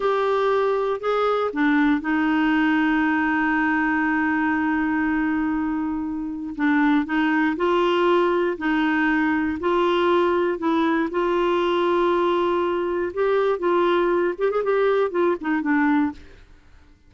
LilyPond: \new Staff \with { instrumentName = "clarinet" } { \time 4/4 \tempo 4 = 119 g'2 gis'4 d'4 | dis'1~ | dis'1~ | dis'4 d'4 dis'4 f'4~ |
f'4 dis'2 f'4~ | f'4 e'4 f'2~ | f'2 g'4 f'4~ | f'8 g'16 gis'16 g'4 f'8 dis'8 d'4 | }